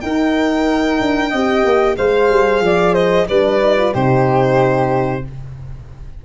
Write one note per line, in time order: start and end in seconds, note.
0.00 1.32 D#4
0.00 1.00 D#4
0.00 1.29 A#4
0.00 1.96 G5
1.01 1.33 D4
1.29 1.64 C4
1.29 1.98 G4
1.29 1.94 D#5
1.64 1.97 A#3
1.97 2.29 G#3
1.97 3.28 G#4
1.97 2.62 C5
1.97 2.94 F5
2.29 2.61 G3
2.61 3.26 F3
2.61 2.93 D5
2.93 3.26 C5
2.93 3.27 D#5
3.28 3.94 G3
3.28 3.60 D4
3.28 3.93 B4
3.28 3.93 D5
3.60 3.77 D#4
3.77 3.92 F4
3.92 5.25 C3
3.92 5.23 D#4
3.92 5.24 G4
3.92 5.24 C5